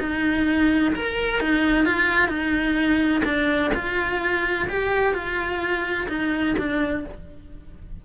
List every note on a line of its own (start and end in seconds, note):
0.00 0.94 D#4
0.95 1.40 A#4
1.40 1.86 D#4
1.86 2.29 F4
2.29 3.22 D#4
3.25 3.71 D4
3.75 4.68 F4
4.69 5.14 G4
5.14 6.08 F4
6.09 6.56 D#4
6.58 7.05 D4